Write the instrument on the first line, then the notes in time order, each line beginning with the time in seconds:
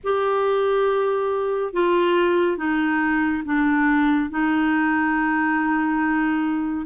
clarinet
0.03 G4
1.73 F4
2.57 D#4
3.45 D4
4.30 D#4